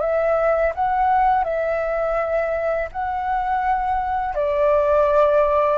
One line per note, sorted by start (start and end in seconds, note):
0.00 0.72 E5
0.74 1.44 F#5
1.44 2.88 E5
2.92 4.34 F#5
4.34 5.78 D5